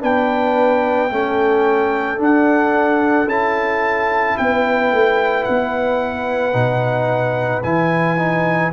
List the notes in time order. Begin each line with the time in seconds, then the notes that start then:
0.00 B3 D4 B4 G5
1.10 A3 C#4 A4
2.17 D4 F#5
3.26 C#4 E4 A5
4.37 B3 B4 G5
4.92 A3
5.43 B3 F#5
6.53 B2 D#4
7.63 E3 E4 G#5
8.17 D#4